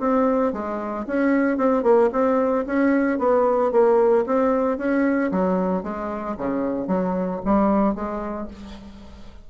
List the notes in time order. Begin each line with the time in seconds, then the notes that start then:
0.00 C4
0.53 G#3
1.07 C#4
1.58 C4
1.83 A#3
2.13 C4
2.66 C#4
3.19 B3
3.72 A#3
4.27 C4
4.78 C#4
5.32 F#3
5.83 G#3
6.38 C#3
6.88 F#3
7.45 G3
7.95 G#3